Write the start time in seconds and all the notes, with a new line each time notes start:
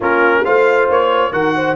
0.00 A#3 C#4 F4 A#4
0.44 A3 F4 C5 F5
0.89 A#3 C#5
1.32 D#3 F#4 A#4 F#5
1.55 C5